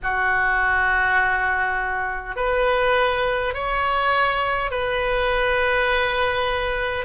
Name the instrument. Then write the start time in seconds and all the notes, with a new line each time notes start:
oboe
0.03 F#4
2.36 B4
3.53 C#5
4.71 B4